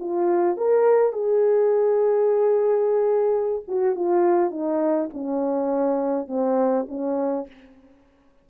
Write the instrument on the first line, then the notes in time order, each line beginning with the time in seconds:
horn
0.00 F4
0.57 A#4
1.13 G#4
3.68 F#4
3.96 F4
4.51 D#4
5.14 C#4
6.28 C4
6.89 C#4